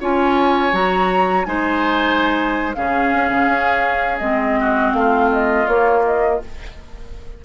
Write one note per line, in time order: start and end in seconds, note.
0.00 0.72 C#4
0.00 0.71 F4
0.00 1.46 C#5
0.00 0.74 G#5
0.71 1.46 F#3
0.71 1.45 F#4
0.71 1.45 A#5
1.45 2.75 G#3
1.45 2.73 D#4
1.45 2.76 C5
1.45 2.73 G#5
2.74 3.13 C#3
2.74 4.21 C#4
2.74 4.60 G#4
2.74 4.19 F5
3.13 3.29 C#4
3.29 3.47 C#3
3.47 4.20 C#4
4.19 4.93 G#3
4.19 5.67 C4
4.19 4.92 D#5
4.60 4.96 F#4
4.93 5.66 A3
4.93 6.44 F4
4.93 5.29 F5
5.32 5.67 D#5
5.67 6.40 A#3
5.67 6.04 C#5
6.05 6.42 D#5